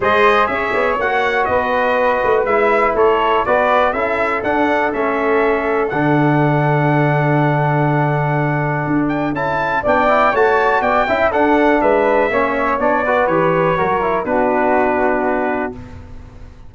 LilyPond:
<<
  \new Staff \with { instrumentName = "trumpet" } { \time 4/4 \tempo 4 = 122 dis''4 e''4 fis''4 dis''4~ | dis''4 e''4 cis''4 d''4 | e''4 fis''4 e''2 | fis''1~ |
fis''2~ fis''8 g''8 a''4 | g''4 a''4 g''4 fis''4 | e''2 d''4 cis''4~ | cis''4 b'2. | }
  \new Staff \with { instrumentName = "flute" } { \time 4/4 c''4 cis''2 b'4~ | b'2 a'4 b'4 | a'1~ | a'1~ |
a'1 | d''4 cis''4 d''8 e''8 a'4 | b'4 cis''4. b'4. | ais'4 fis'2. | }
  \new Staff \with { instrumentName = "trombone" } { \time 4/4 gis'2 fis'2~ | fis'4 e'2 fis'4 | e'4 d'4 cis'2 | d'1~ |
d'2. e'4 | d'8 e'8 fis'4. e'8 d'4~ | d'4 cis'4 d'8 fis'8 g'4 | fis'8 e'8 d'2. | }
  \new Staff \with { instrumentName = "tuba" } { \time 4/4 gis4 cis'8 b8 ais4 b4~ | b8 a8 gis4 a4 b4 | cis'4 d'4 a2 | d1~ |
d2 d'4 cis'4 | b4 a4 b8 cis'8 d'4 | gis4 ais4 b4 e4 | fis4 b2. | }
>>